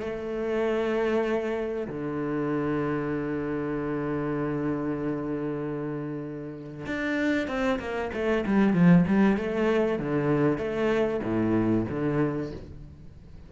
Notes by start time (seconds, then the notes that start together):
0.00 A3
1.88 D3
6.86 D4
7.48 C4
7.79 A#3
8.13 A3
8.46 G3
8.73 F3
9.08 G3
9.37 A3
9.99 D3
10.58 A3
11.23 A2
11.90 D3